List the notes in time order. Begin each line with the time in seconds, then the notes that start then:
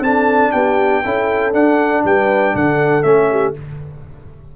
0.00 C4 D4 A4 A5
0.52 B3 G4 G5
1.04 C#4 E4 A4
1.53 D4 F#5
2.04 G3 B4 G5
2.54 D3 A4 F#5
3.03 A3 C#4 E5
3.31 G4